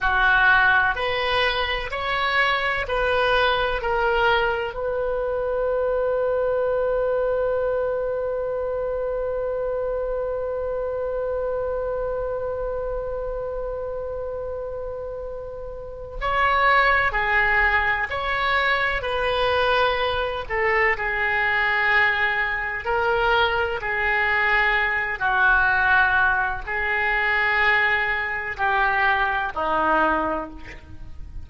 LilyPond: \new Staff \with { instrumentName = "oboe" } { \time 4/4 \tempo 4 = 63 fis'4 b'4 cis''4 b'4 | ais'4 b'2.~ | b'1~ | b'1~ |
b'4 cis''4 gis'4 cis''4 | b'4. a'8 gis'2 | ais'4 gis'4. fis'4. | gis'2 g'4 dis'4 | }